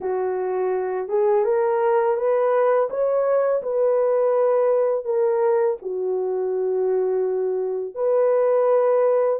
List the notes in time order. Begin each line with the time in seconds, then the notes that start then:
0.00 F#4
1.08 G#4
1.44 A#4
2.16 B4
2.89 C#5
3.62 B4
5.04 A#4
5.82 F#4
7.95 B4